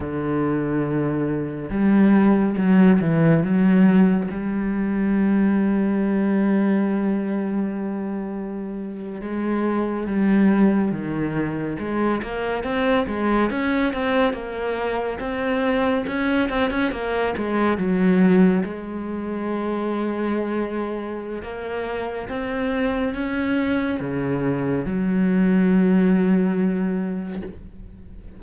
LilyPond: \new Staff \with { instrumentName = "cello" } { \time 4/4 \tempo 4 = 70 d2 g4 fis8 e8 | fis4 g2.~ | g2~ g8. gis4 g16~ | g8. dis4 gis8 ais8 c'8 gis8 cis'16~ |
cis'16 c'8 ais4 c'4 cis'8 c'16 cis'16 ais16~ | ais16 gis8 fis4 gis2~ gis16~ | gis4 ais4 c'4 cis'4 | cis4 fis2. | }